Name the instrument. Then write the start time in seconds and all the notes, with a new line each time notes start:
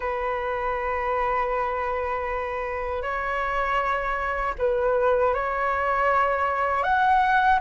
flute
0.00 B4
3.02 C#5
4.58 B4
5.34 C#5
6.83 F#5